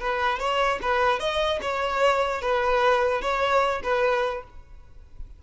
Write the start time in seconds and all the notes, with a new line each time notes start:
0.00 B4
0.39 C#5
0.82 B4
1.19 D#5
1.61 C#5
2.41 B4
3.21 C#5
3.83 B4